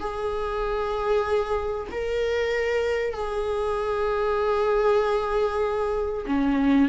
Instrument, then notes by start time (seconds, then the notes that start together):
viola
0.00 G#4
1.91 A#4
3.13 G#4
6.27 C#4